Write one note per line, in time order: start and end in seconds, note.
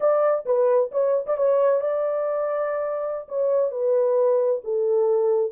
0.00 0.45 D5
0.45 0.90 B4
0.91 1.25 C#5
1.26 1.37 D5
1.37 1.80 C#5
1.80 3.27 D5
3.28 3.71 C#5
3.71 4.61 B4
4.63 5.51 A4